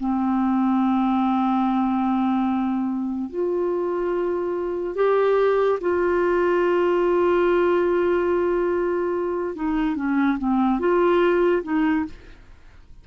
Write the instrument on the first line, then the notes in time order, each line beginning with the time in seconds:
clarinet
0.00 C4
3.30 F4
4.96 G4
5.81 F4
9.56 D#4
9.96 C#4
10.39 C4
10.80 F4
11.64 D#4